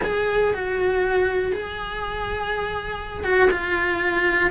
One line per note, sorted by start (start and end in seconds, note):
0.03 0.53 G#4
0.53 1.52 F#4
1.52 3.24 G#4
3.24 3.49 F#4
3.50 4.50 F4